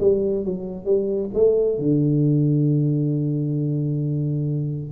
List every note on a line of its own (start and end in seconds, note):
0.00 0.45 G3
0.45 0.85 F#3
0.85 1.30 G3
1.34 1.78 A3
1.78 4.92 D3